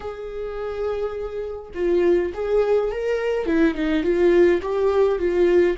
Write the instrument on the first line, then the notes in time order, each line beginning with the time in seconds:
viola
0.00 G#4
1.74 F4
2.33 G#4
2.91 A#4
3.45 E4
3.74 D#4
4.03 F4
4.62 G4
5.18 F4